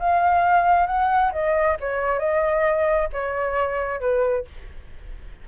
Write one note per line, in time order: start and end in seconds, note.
0.00 0.87 F5
0.87 1.32 F#5
1.33 1.77 D#5
1.80 2.19 C#5
2.19 3.09 D#5
3.13 4.00 C#5
4.00 4.45 B4